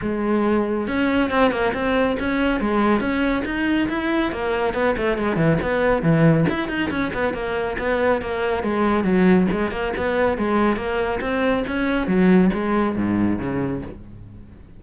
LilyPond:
\new Staff \with { instrumentName = "cello" } { \time 4/4 \tempo 4 = 139 gis2 cis'4 c'8 ais8 | c'4 cis'4 gis4 cis'4 | dis'4 e'4 ais4 b8 a8 | gis8 e8 b4 e4 e'8 dis'8 |
cis'8 b8 ais4 b4 ais4 | gis4 fis4 gis8 ais8 b4 | gis4 ais4 c'4 cis'4 | fis4 gis4 gis,4 cis4 | }